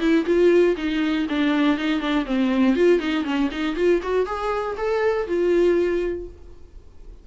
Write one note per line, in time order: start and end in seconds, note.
0.00 0.25 E4
0.25 0.75 F4
0.77 1.27 D#4
1.29 1.77 D4
1.77 2.00 D#4
2.00 2.25 D4
2.25 2.75 C4
2.75 2.99 F4
2.99 3.24 D#4
3.24 3.49 C#4
3.51 3.76 D#4
3.76 4.01 F4
4.02 4.26 F#4
4.26 4.76 G#4
4.77 5.27 A4
5.27 6.27 F4